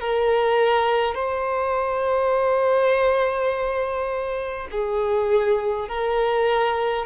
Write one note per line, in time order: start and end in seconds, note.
0.00 1.14 A#4
1.14 4.67 C5
4.71 5.88 G#4
5.88 7.06 A#4